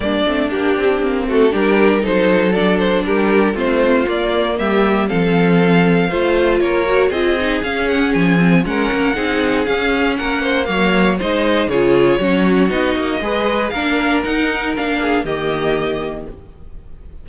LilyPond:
<<
  \new Staff \with { instrumentName = "violin" } { \time 4/4 \tempo 4 = 118 d''4 g'4. a'8 ais'4 | c''4 d''8 c''8 ais'4 c''4 | d''4 e''4 f''2~ | f''4 cis''4 dis''4 f''8 fis''8 |
gis''4 fis''2 f''4 | fis''4 f''4 dis''4 cis''4~ | cis''4 dis''2 f''4 | fis''4 f''4 dis''2 | }
  \new Staff \with { instrumentName = "violin" } { \time 4/4 d'2~ d'8 fis'8 g'4 | a'2 g'4 f'4~ | f'4 g'4 a'2 | c''4 ais'4 gis'2~ |
gis'4 ais'4 gis'2 | ais'8 c''8 cis''4 c''4 gis'4 | fis'2 b'4 ais'4~ | ais'4. gis'8 g'2 | }
  \new Staff \with { instrumentName = "viola" } { \time 4/4 ais8 c'8 d'4 c'4 d'4 | dis'4 d'2 c'4 | ais2 c'2 | f'4. fis'8 f'8 dis'8 cis'4~ |
cis'8 c'8 cis'4 dis'4 cis'4~ | cis'4 ais4 dis'4 f'4 | cis'4 dis'4 gis'4 d'4 | dis'4 d'4 ais2 | }
  \new Staff \with { instrumentName = "cello" } { \time 4/4 g8 a8 ais8 c'8 ais8 a8 g4 | fis2 g4 a4 | ais4 g4 f2 | a4 ais4 c'4 cis'4 |
f4 gis8 ais8 c'4 cis'4 | ais4 fis4 gis4 cis4 | fis4 b8 ais8 gis4 ais4 | dis'4 ais4 dis2 | }
>>